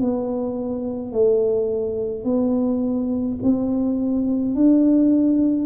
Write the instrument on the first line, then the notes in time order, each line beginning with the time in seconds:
tuba
0.00 B3
1.12 A3
2.24 B3
3.42 C4
4.54 D4